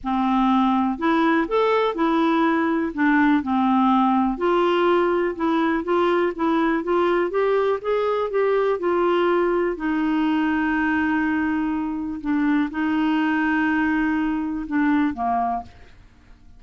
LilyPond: \new Staff \with { instrumentName = "clarinet" } { \time 4/4 \tempo 4 = 123 c'2 e'4 a'4 | e'2 d'4 c'4~ | c'4 f'2 e'4 | f'4 e'4 f'4 g'4 |
gis'4 g'4 f'2 | dis'1~ | dis'4 d'4 dis'2~ | dis'2 d'4 ais4 | }